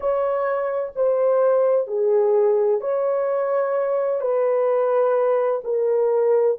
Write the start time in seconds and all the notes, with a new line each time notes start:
0.00 C#5
0.95 C5
1.87 G#4
2.80 C#5
4.20 B4
5.64 A#4